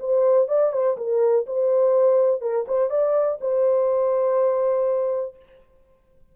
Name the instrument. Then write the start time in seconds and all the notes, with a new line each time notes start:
horn
0.00 C5
0.48 D5
0.73 C5
0.98 A#4
1.47 C5
2.41 A#4
2.68 C5
2.90 D5
3.41 C5